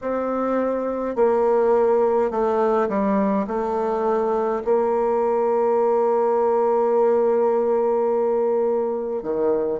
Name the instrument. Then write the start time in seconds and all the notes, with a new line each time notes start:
bassoon
0.01 C4
1.15 A#3
2.30 A3
2.88 G3
3.47 A3
4.64 A#3
9.23 D#3